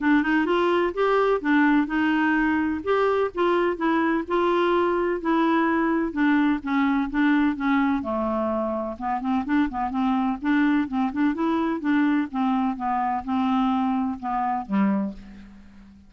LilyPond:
\new Staff \with { instrumentName = "clarinet" } { \time 4/4 \tempo 4 = 127 d'8 dis'8 f'4 g'4 d'4 | dis'2 g'4 f'4 | e'4 f'2 e'4~ | e'4 d'4 cis'4 d'4 |
cis'4 a2 b8 c'8 | d'8 b8 c'4 d'4 c'8 d'8 | e'4 d'4 c'4 b4 | c'2 b4 g4 | }